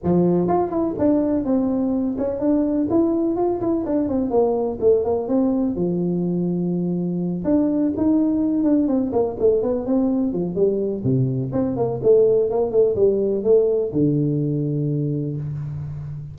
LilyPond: \new Staff \with { instrumentName = "tuba" } { \time 4/4 \tempo 4 = 125 f4 f'8 e'8 d'4 c'4~ | c'8 cis'8 d'4 e'4 f'8 e'8 | d'8 c'8 ais4 a8 ais8 c'4 | f2.~ f8 d'8~ |
d'8 dis'4. d'8 c'8 ais8 a8 | b8 c'4 f8 g4 c4 | c'8 ais8 a4 ais8 a8 g4 | a4 d2. | }